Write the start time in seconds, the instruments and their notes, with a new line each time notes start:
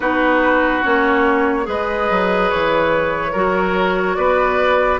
0.00 bassoon B3, clarinet D#4, oboe F#4, flute B4
0.83 bassoon A#3, clarinet C#4, flute C#5
1.63 bassoon G#3, clarinet G#4, oboe B4
1.69 flute D#5
2.10 bassoon F#3
2.49 bassoon E3, flute C#5
3.32 bassoon F#3, clarinet F#4, oboe A#4
4.15 bassoon B3, oboe B4, flute D5